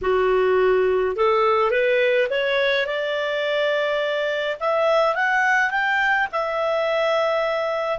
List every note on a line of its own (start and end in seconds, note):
0.01 1.16 F#4
1.16 1.71 A4
1.71 2.28 B4
2.30 2.86 C#5
2.86 4.57 D5
4.59 5.15 E5
5.15 5.70 F#5
5.70 6.27 G5
6.31 7.98 E5